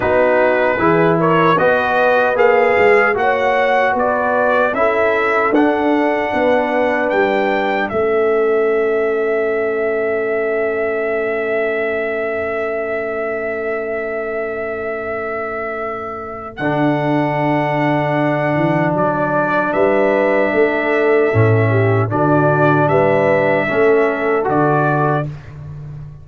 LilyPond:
<<
  \new Staff \with { instrumentName = "trumpet" } { \time 4/4 \tempo 4 = 76 b'4. cis''8 dis''4 f''4 | fis''4 d''4 e''4 fis''4~ | fis''4 g''4 e''2~ | e''1~ |
e''1~ | e''4 fis''2. | d''4 e''2. | d''4 e''2 d''4 | }
  \new Staff \with { instrumentName = "horn" } { \time 4/4 fis'4 gis'8 ais'8 b'2 | cis''4 b'4 a'2 | b'2 a'2~ | a'1~ |
a'1~ | a'1~ | a'4 b'4 a'4. g'8 | fis'4 b'4 a'2 | }
  \new Staff \with { instrumentName = "trombone" } { \time 4/4 dis'4 e'4 fis'4 gis'4 | fis'2 e'4 d'4~ | d'2 cis'2~ | cis'1~ |
cis'1~ | cis'4 d'2.~ | d'2. cis'4 | d'2 cis'4 fis'4 | }
  \new Staff \with { instrumentName = "tuba" } { \time 4/4 b4 e4 b4 ais8 gis8 | ais4 b4 cis'4 d'4 | b4 g4 a2~ | a1~ |
a1~ | a4 d2~ d8 e8 | fis4 g4 a4 a,4 | d4 g4 a4 d4 | }
>>